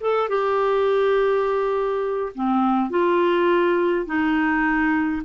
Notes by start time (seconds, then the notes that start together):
0.00 A4
0.29 G4
2.34 C4
2.90 F4
4.06 D#4